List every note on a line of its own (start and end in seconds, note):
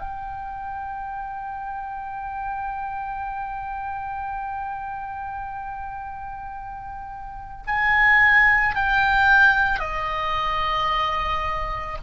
0.00 7.64 G5
7.67 8.75 G#5
8.75 9.80 G5
9.80 11.98 D#5